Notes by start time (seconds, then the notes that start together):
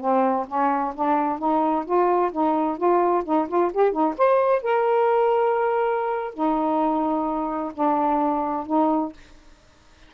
0.00 C4
0.48 C#4
0.95 D4
1.39 D#4
1.85 F4
2.32 D#4
2.77 F4
3.24 D#4
3.48 F4
3.73 G4
3.91 D#4
4.17 C5
4.62 A#4
6.34 D#4
7.74 D4
8.66 D#4